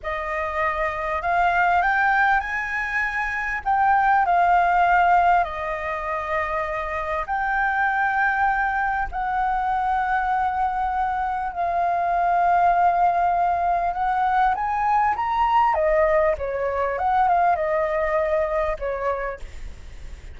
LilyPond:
\new Staff \with { instrumentName = "flute" } { \time 4/4 \tempo 4 = 99 dis''2 f''4 g''4 | gis''2 g''4 f''4~ | f''4 dis''2. | g''2. fis''4~ |
fis''2. f''4~ | f''2. fis''4 | gis''4 ais''4 dis''4 cis''4 | fis''8 f''8 dis''2 cis''4 | }